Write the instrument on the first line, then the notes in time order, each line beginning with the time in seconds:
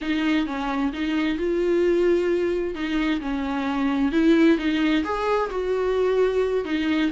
viola
0.01 D#4
0.46 C#4
0.92 D#4
1.37 F4
2.74 D#4
3.20 C#4
4.12 E4
4.58 D#4
5.04 G#4
5.50 F#4
6.64 D#4